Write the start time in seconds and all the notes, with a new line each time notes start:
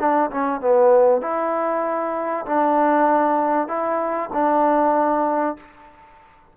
0.00 D4
0.31 C#4
0.61 B3
1.22 E4
2.46 D4
3.68 E4
4.34 D4